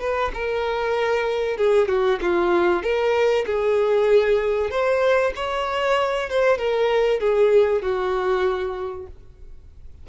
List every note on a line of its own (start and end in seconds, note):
0.00 0.31 B4
0.34 1.57 A#4
1.57 1.88 G#4
1.88 2.19 F#4
2.21 2.83 F4
2.83 3.45 A#4
3.46 4.70 G#4
4.70 5.33 C5
5.36 6.29 C#5
6.30 6.58 C5
6.58 7.20 A#4
7.20 7.82 G#4
7.82 9.07 F#4